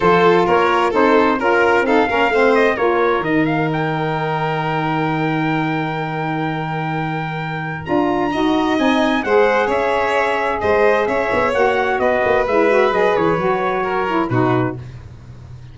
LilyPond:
<<
  \new Staff \with { instrumentName = "trumpet" } { \time 4/4 \tempo 4 = 130 c''4 cis''4 c''4 ais'4 | f''4. dis''8 cis''4 dis''8 f''8 | g''1~ | g''1~ |
g''4 ais''2 gis''4 | fis''4 e''2 dis''4 | e''4 fis''4 dis''4 e''4 | dis''8 cis''2~ cis''8 b'4 | }
  \new Staff \with { instrumentName = "violin" } { \time 4/4 a'4 ais'4 a'4 ais'4 | a'8 ais'8 c''4 ais'2~ | ais'1~ | ais'1~ |
ais'2 dis''2 | c''4 cis''2 c''4 | cis''2 b'2~ | b'2 ais'4 fis'4 | }
  \new Staff \with { instrumentName = "saxophone" } { \time 4/4 f'2 dis'4 f'4 | dis'8 cis'8 c'4 f'4 dis'4~ | dis'1~ | dis'1~ |
dis'4 f'4 fis'4 dis'4 | gis'1~ | gis'4 fis'2 e'8 fis'8 | gis'4 fis'4. e'8 dis'4 | }
  \new Staff \with { instrumentName = "tuba" } { \time 4/4 f4 ais4 c'4 cis'4 | c'8 ais8 a4 ais4 dis4~ | dis1~ | dis1~ |
dis4 d'4 dis'4 c'4 | gis4 cis'2 gis4 | cis'8 b8 ais4 b8 ais8 gis4 | fis8 e8 fis2 b,4 | }
>>